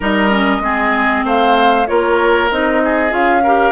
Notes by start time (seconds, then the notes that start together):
0.00 G3 D#4 A#4 D#5
0.29 C#4
0.59 G#3 C4 G#4
1.24 A3 C5 F5
1.87 A#3 F4 A#4 C#5
2.50 C4 D#4 D#5
2.83 G#4
3.10 C#4 F4 F5
3.43 G4 A#4